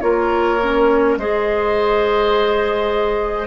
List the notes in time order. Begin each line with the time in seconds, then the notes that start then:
0.00 A#3 F4 A#4 C#5
0.62 C#4
1.17 G#3 G#4 C5 D#5